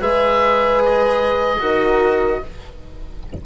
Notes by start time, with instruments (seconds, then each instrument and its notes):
0.00 bassoon G#3, cello G#4, horn B4, oboe E5
0.85 oboe D#5
1.59 bassoon D#4, cello F#4, horn A#4